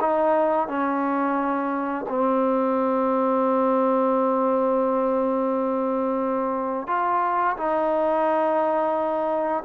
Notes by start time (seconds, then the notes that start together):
0.00 D#4
0.67 C#4
2.08 C4
6.87 F4
7.56 D#4